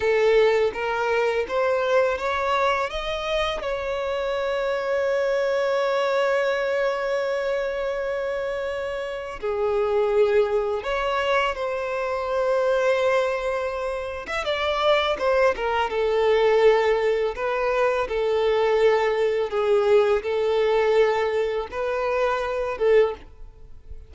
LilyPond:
\new Staff \with { instrumentName = "violin" } { \time 4/4 \tempo 4 = 83 a'4 ais'4 c''4 cis''4 | dis''4 cis''2.~ | cis''1~ | cis''4 gis'2 cis''4 |
c''2.~ c''8. e''16 | d''4 c''8 ais'8 a'2 | b'4 a'2 gis'4 | a'2 b'4. a'8 | }